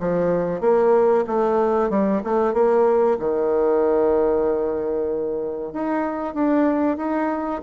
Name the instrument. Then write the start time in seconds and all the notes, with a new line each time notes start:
bassoon
0.00 F3
0.61 A#3
1.27 A3
1.90 G3
2.24 A3
2.54 A#3
3.19 D#3
5.73 D#4
6.35 D4
6.97 D#4